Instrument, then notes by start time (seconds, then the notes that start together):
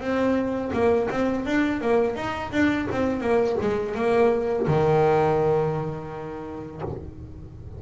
double bass
0.00 C4
0.73 A#3
1.10 C4
1.45 D4
1.81 A#3
2.15 D#4
2.52 D4
2.91 C4
3.20 A#3
3.61 G#3
3.95 A#3
4.67 D#3